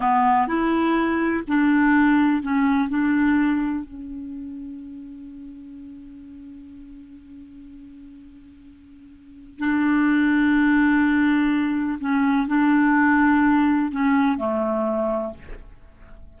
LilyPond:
\new Staff \with { instrumentName = "clarinet" } { \time 4/4 \tempo 4 = 125 b4 e'2 d'4~ | d'4 cis'4 d'2 | cis'1~ | cis'1~ |
cis'1 | d'1~ | d'4 cis'4 d'2~ | d'4 cis'4 a2 | }